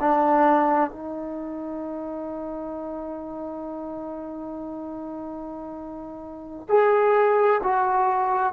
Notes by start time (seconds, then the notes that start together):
0.00 D4
0.90 D#4
6.68 G#4
7.63 F#4